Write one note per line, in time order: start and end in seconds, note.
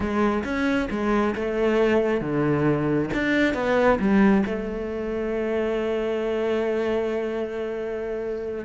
0.00 0.43 G#3
0.44 0.88 C#4
0.90 1.34 G#3
1.35 2.20 A3
2.20 3.09 D3
3.13 3.54 D4
3.54 3.98 B3
3.99 4.44 G3
4.46 8.65 A3